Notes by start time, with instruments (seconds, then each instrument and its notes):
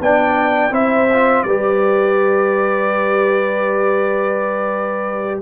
0.00 tuba B3, trombone D4, horn D5, trumpet G5
0.70 tuba C4, trombone E4, horn C5, trumpet E5
1.12 trombone F4
1.43 tuba G3, trombone G4, horn B4, trumpet D5